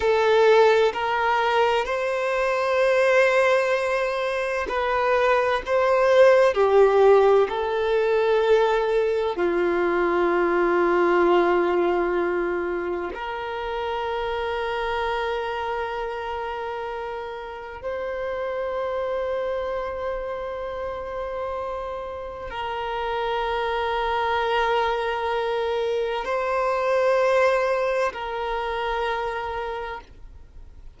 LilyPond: \new Staff \with { instrumentName = "violin" } { \time 4/4 \tempo 4 = 64 a'4 ais'4 c''2~ | c''4 b'4 c''4 g'4 | a'2 f'2~ | f'2 ais'2~ |
ais'2. c''4~ | c''1 | ais'1 | c''2 ais'2 | }